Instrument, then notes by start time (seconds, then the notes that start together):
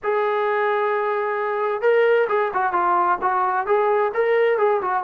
trombone
0.03 G#4
1.81 A#4
2.28 G#4
2.53 F#4
2.72 F4
3.21 F#4
3.66 G#4
4.14 A#4
4.57 G#4
4.81 F#4